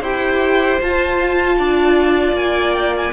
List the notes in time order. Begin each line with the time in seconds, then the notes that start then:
0.00 E4 G4 C5 G5
0.81 F4 A5
1.58 D4 D5
2.32 A#3 G#5
2.73 G5
2.96 G#5